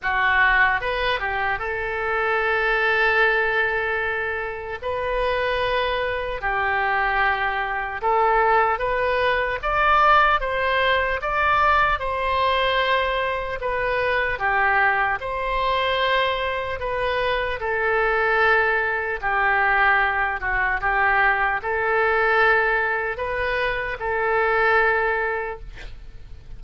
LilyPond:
\new Staff \with { instrumentName = "oboe" } { \time 4/4 \tempo 4 = 75 fis'4 b'8 g'8 a'2~ | a'2 b'2 | g'2 a'4 b'4 | d''4 c''4 d''4 c''4~ |
c''4 b'4 g'4 c''4~ | c''4 b'4 a'2 | g'4. fis'8 g'4 a'4~ | a'4 b'4 a'2 | }